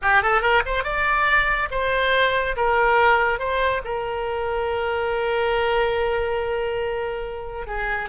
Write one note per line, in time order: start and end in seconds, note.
0.02 0.22 G4
0.22 0.41 A4
0.41 0.62 A#4
0.65 0.83 C5
0.83 1.68 D5
1.71 2.56 C5
2.56 3.39 A#4
3.39 3.81 C5
3.84 7.66 A#4
7.66 8.09 G#4